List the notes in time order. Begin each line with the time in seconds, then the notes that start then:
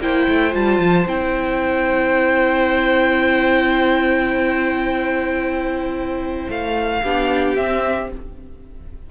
0.00 A#3 E4 C5 G5
0.28 A3
0.51 G3 F4 A5
0.78 F3
1.06 C4 E4 G5
6.49 A3 F5
7.01 B3 D4 G4
7.56 C4 E5